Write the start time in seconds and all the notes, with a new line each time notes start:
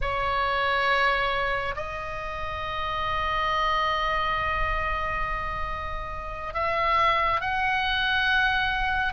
0.01 C#5
1.75 D#5
6.53 E5
7.40 F#5